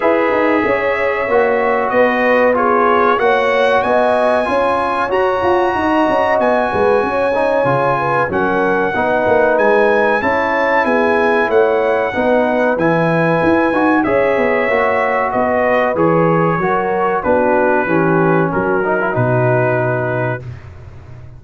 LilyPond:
<<
  \new Staff \with { instrumentName = "trumpet" } { \time 4/4 \tempo 4 = 94 e''2. dis''4 | cis''4 fis''4 gis''2 | ais''2 gis''2~ | gis''4 fis''2 gis''4 |
a''4 gis''4 fis''2 | gis''2 e''2 | dis''4 cis''2 b'4~ | b'4 ais'4 b'2 | }
  \new Staff \with { instrumentName = "horn" } { \time 4/4 b'4 cis''2 b'4 | gis'4 cis''4 dis''4 cis''4~ | cis''4 dis''4. b'8 cis''4~ | cis''8 b'8 ais'4 b'2 |
cis''4 gis'4 cis''4 b'4~ | b'2 cis''2 | b'2 ais'4 fis'4 | g'4 fis'2. | }
  \new Staff \with { instrumentName = "trombone" } { \time 4/4 gis'2 fis'2 | f'4 fis'2 f'4 | fis'2.~ fis'8 dis'8 | f'4 cis'4 dis'2 |
e'2. dis'4 | e'4. fis'8 gis'4 fis'4~ | fis'4 gis'4 fis'4 d'4 | cis'4. dis'16 e'16 dis'2 | }
  \new Staff \with { instrumentName = "tuba" } { \time 4/4 e'8 dis'8 cis'4 ais4 b4~ | b4 ais4 b4 cis'4 | fis'8 f'8 dis'8 cis'8 b8 gis8 cis'4 | cis4 fis4 b8 ais8 gis4 |
cis'4 b4 a4 b4 | e4 e'8 dis'8 cis'8 b8 ais4 | b4 e4 fis4 b4 | e4 fis4 b,2 | }
>>